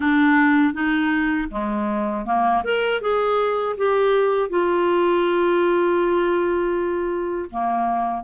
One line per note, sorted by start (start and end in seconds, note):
0.00 0.73 D4
0.73 1.48 D#4
1.50 2.25 G#3
2.25 2.63 A#3
2.64 3.01 A#4
3.01 3.76 G#4
3.77 4.49 G4
4.49 7.49 F4
7.50 8.23 A#3